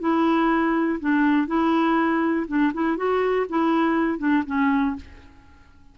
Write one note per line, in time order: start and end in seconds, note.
0.00 0.99 E4
1.00 1.47 D4
1.47 2.46 E4
2.47 2.72 D4
2.73 2.97 E4
2.97 3.46 F#4
3.49 4.18 E4
4.18 4.43 D4
4.46 4.96 C#4